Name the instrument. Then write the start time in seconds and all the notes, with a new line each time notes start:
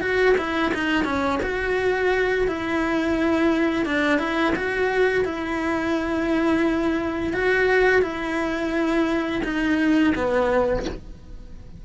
cello
0.00 F#4
0.37 E4
0.74 D#4
1.04 C#4
1.43 F#4
2.47 E4
3.85 D4
4.19 E4
4.55 F#4
5.25 E4
7.33 F#4
8.02 E4
9.43 D#4
10.15 B3